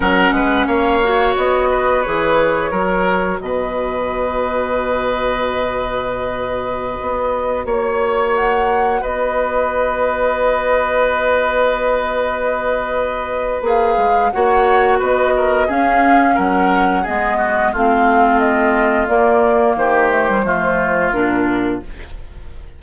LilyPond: <<
  \new Staff \with { instrumentName = "flute" } { \time 4/4 \tempo 4 = 88 fis''4 f''4 dis''4 cis''4~ | cis''4 dis''2.~ | dis''2.~ dis''16 cis''8.~ | cis''16 fis''4 dis''2~ dis''8.~ |
dis''1 | f''4 fis''4 dis''4 f''4 | fis''4 dis''4 f''4 dis''4 | d''4 c''2 ais'4 | }
  \new Staff \with { instrumentName = "oboe" } { \time 4/4 ais'8 b'8 cis''4. b'4. | ais'4 b'2.~ | b'2.~ b'16 cis''8.~ | cis''4~ cis''16 b'2~ b'8.~ |
b'1~ | b'4 cis''4 b'8 ais'8 gis'4 | ais'4 gis'8 fis'8 f'2~ | f'4 g'4 f'2 | }
  \new Staff \with { instrumentName = "clarinet" } { \time 4/4 cis'4. fis'4. gis'4 | fis'1~ | fis'1~ | fis'1~ |
fis'1 | gis'4 fis'2 cis'4~ | cis'4 b4 c'2 | ais4. a16 g16 a4 d'4 | }
  \new Staff \with { instrumentName = "bassoon" } { \time 4/4 fis8 gis8 ais4 b4 e4 | fis4 b,2.~ | b,2~ b,16 b4 ais8.~ | ais4~ ais16 b2~ b8.~ |
b1 | ais8 gis8 ais4 b4 cis'4 | fis4 gis4 a2 | ais4 dis4 f4 ais,4 | }
>>